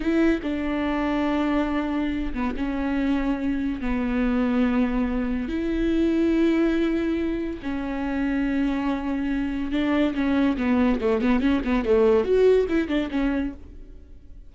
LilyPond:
\new Staff \with { instrumentName = "viola" } { \time 4/4 \tempo 4 = 142 e'4 d'2.~ | d'4. b8 cis'2~ | cis'4 b2.~ | b4 e'2.~ |
e'2 cis'2~ | cis'2. d'4 | cis'4 b4 a8 b8 cis'8 b8 | a4 fis'4 e'8 d'8 cis'4 | }